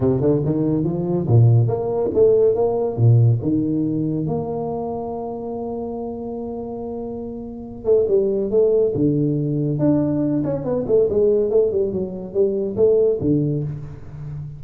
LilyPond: \new Staff \with { instrumentName = "tuba" } { \time 4/4 \tempo 4 = 141 c8 d8 dis4 f4 ais,4 | ais4 a4 ais4 ais,4 | dis2 ais2~ | ais1~ |
ais2~ ais8 a8 g4 | a4 d2 d'4~ | d'8 cis'8 b8 a8 gis4 a8 g8 | fis4 g4 a4 d4 | }